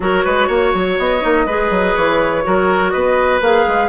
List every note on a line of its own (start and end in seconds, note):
0.00 0.24 F#3
0.00 1.21 F#4
0.00 0.24 A#4
0.00 0.97 C#5
0.24 0.48 G#3
0.24 0.47 B4
0.47 0.72 A#3
0.47 1.45 C#5
0.74 0.98 F#3
0.97 1.22 B3
0.97 1.95 D#5
1.21 1.46 A#3
1.21 1.45 D#4
1.46 1.70 G#3
1.46 2.43 G#4
1.46 2.43 B4
1.70 1.94 F#3
1.95 2.45 E3
1.95 2.90 C#5
2.43 2.94 F#3
2.43 3.40 F#4
2.43 2.92 A#4
2.90 3.40 B3
2.90 3.88 B4
2.90 3.39 D#5
3.40 3.65 A#3
3.40 3.88 G#4
3.40 3.88 F5
3.67 3.88 G#3